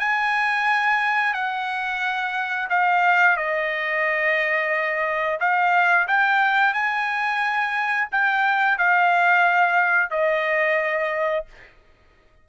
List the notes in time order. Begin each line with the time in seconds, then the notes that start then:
0.00 G#5
1.34 F#5
2.70 F5
3.37 D#5
5.40 F5
6.08 G5
6.74 G#5
8.12 G5
8.78 F5
10.11 D#5